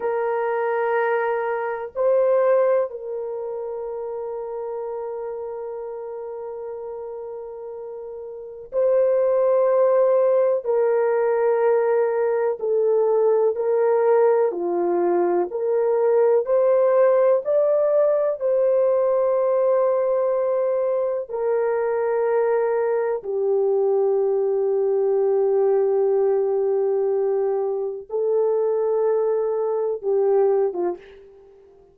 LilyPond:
\new Staff \with { instrumentName = "horn" } { \time 4/4 \tempo 4 = 62 ais'2 c''4 ais'4~ | ais'1~ | ais'4 c''2 ais'4~ | ais'4 a'4 ais'4 f'4 |
ais'4 c''4 d''4 c''4~ | c''2 ais'2 | g'1~ | g'4 a'2 g'8. f'16 | }